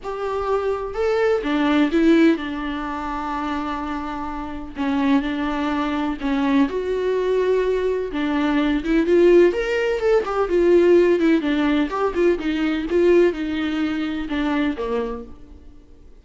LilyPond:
\new Staff \with { instrumentName = "viola" } { \time 4/4 \tempo 4 = 126 g'2 a'4 d'4 | e'4 d'2.~ | d'2 cis'4 d'4~ | d'4 cis'4 fis'2~ |
fis'4 d'4. e'8 f'4 | ais'4 a'8 g'8 f'4. e'8 | d'4 g'8 f'8 dis'4 f'4 | dis'2 d'4 ais4 | }